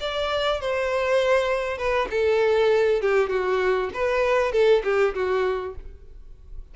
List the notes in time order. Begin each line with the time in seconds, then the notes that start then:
0.00 D5
0.61 C5
1.78 B4
2.10 A4
3.01 G4
3.29 F#4
3.94 B4
4.52 A4
4.84 G4
5.14 F#4